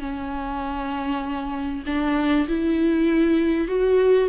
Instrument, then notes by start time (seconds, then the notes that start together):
viola
0.00 C#4
1.86 D4
2.49 E4
3.68 F#4